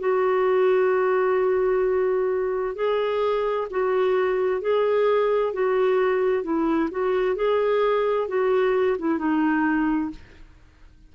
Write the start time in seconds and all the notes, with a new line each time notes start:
0.00 F#4
2.76 G#4
3.70 F#4
4.62 G#4
5.53 F#4
6.43 E4
6.91 F#4
7.36 G#4
8.28 F#4
8.99 E4
9.18 D#4